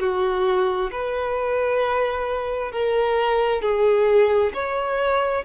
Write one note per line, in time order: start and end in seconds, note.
0.00 0.91 F#4
0.92 2.72 B4
2.72 3.62 A#4
3.62 4.53 G#4
4.54 5.45 C#5